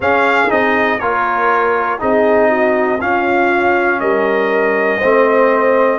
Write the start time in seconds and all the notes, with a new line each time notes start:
0.00 C#4 G#4 F5
0.48 C4 D#4 D#5
0.99 A#3 F4 A#4 C#5
1.99 C4 D#4 G#4 D#5
2.49 F#4
3.00 C#4 F4 F5
4.00 G3 A#4 D#5
4.97 A3 C4 C5